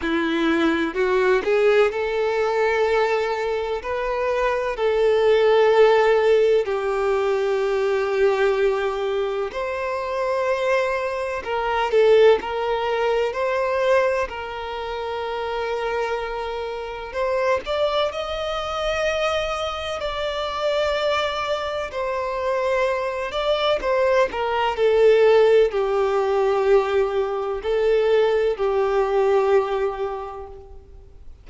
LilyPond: \new Staff \with { instrumentName = "violin" } { \time 4/4 \tempo 4 = 63 e'4 fis'8 gis'8 a'2 | b'4 a'2 g'4~ | g'2 c''2 | ais'8 a'8 ais'4 c''4 ais'4~ |
ais'2 c''8 d''8 dis''4~ | dis''4 d''2 c''4~ | c''8 d''8 c''8 ais'8 a'4 g'4~ | g'4 a'4 g'2 | }